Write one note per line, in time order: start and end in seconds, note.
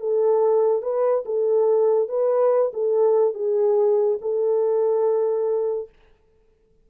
0.00 0.82 A4
0.82 1.24 B4
1.25 2.09 A4
2.09 2.72 B4
2.73 3.35 A4
3.35 4.18 G#4
4.21 5.89 A4